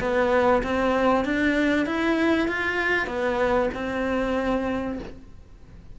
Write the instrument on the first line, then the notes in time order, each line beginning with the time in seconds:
cello
0.00 B3
0.63 C4
1.25 D4
1.86 E4
2.48 F4
3.07 B3
3.74 C4